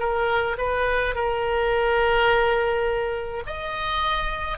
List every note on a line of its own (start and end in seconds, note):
0.00 0.57 A#4
0.58 1.15 B4
1.15 3.44 A#4
3.47 4.58 D#5